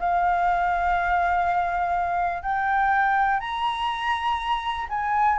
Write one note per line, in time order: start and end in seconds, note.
0.00 2.42 F5
2.42 3.40 G5
3.40 4.88 A#5
4.89 5.39 G#5